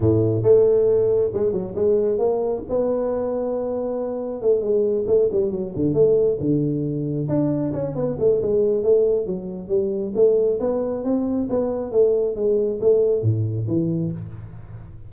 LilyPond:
\new Staff \with { instrumentName = "tuba" } { \time 4/4 \tempo 4 = 136 a,4 a2 gis8 fis8 | gis4 ais4 b2~ | b2 a8 gis4 a8 | g8 fis8 d8 a4 d4.~ |
d8 d'4 cis'8 b8 a8 gis4 | a4 fis4 g4 a4 | b4 c'4 b4 a4 | gis4 a4 a,4 e4 | }